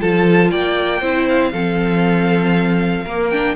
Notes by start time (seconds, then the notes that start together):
0.00 F3 F4 A4 A5
0.51 A#3 D5 G5
1.00 C4 E4 C5
1.29 F5
1.52 F3 C4 A4
3.04 A#3 A#4
3.30 D4 G5